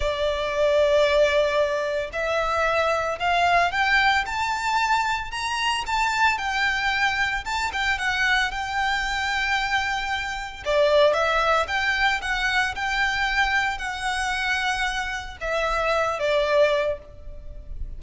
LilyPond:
\new Staff \with { instrumentName = "violin" } { \time 4/4 \tempo 4 = 113 d''1 | e''2 f''4 g''4 | a''2 ais''4 a''4 | g''2 a''8 g''8 fis''4 |
g''1 | d''4 e''4 g''4 fis''4 | g''2 fis''2~ | fis''4 e''4. d''4. | }